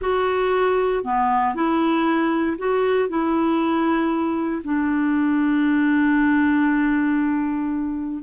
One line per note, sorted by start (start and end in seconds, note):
0.01 1.03 F#4
1.04 1.54 B3
1.54 2.57 E4
2.58 3.08 F#4
3.08 4.62 E4
4.64 8.23 D4